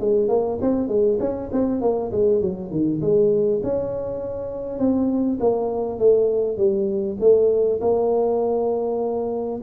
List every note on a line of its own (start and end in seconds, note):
0.00 0.28 G#3
0.28 0.58 A#3
0.61 0.88 C4
0.88 1.18 G#3
1.19 1.49 C#4
1.52 1.81 C4
1.81 2.11 A#3
2.11 2.41 G#3
2.41 2.71 F#3
2.71 3.01 D#3
3.01 3.61 G#3
3.63 4.79 C#4
4.79 5.39 C4
5.40 5.99 A#3
5.99 6.57 A3
6.57 7.17 G3
7.20 7.80 A3
7.81 9.61 A#3